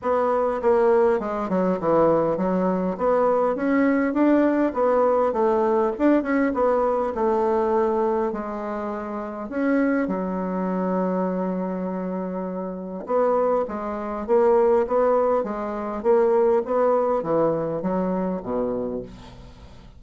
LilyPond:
\new Staff \with { instrumentName = "bassoon" } { \time 4/4 \tempo 4 = 101 b4 ais4 gis8 fis8 e4 | fis4 b4 cis'4 d'4 | b4 a4 d'8 cis'8 b4 | a2 gis2 |
cis'4 fis2.~ | fis2 b4 gis4 | ais4 b4 gis4 ais4 | b4 e4 fis4 b,4 | }